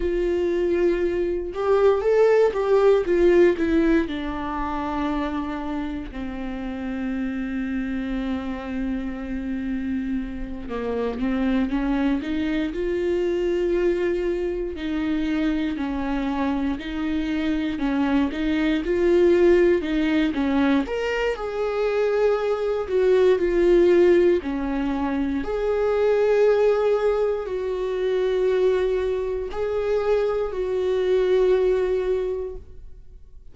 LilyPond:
\new Staff \with { instrumentName = "viola" } { \time 4/4 \tempo 4 = 59 f'4. g'8 a'8 g'8 f'8 e'8 | d'2 c'2~ | c'2~ c'8 ais8 c'8 cis'8 | dis'8 f'2 dis'4 cis'8~ |
cis'8 dis'4 cis'8 dis'8 f'4 dis'8 | cis'8 ais'8 gis'4. fis'8 f'4 | cis'4 gis'2 fis'4~ | fis'4 gis'4 fis'2 | }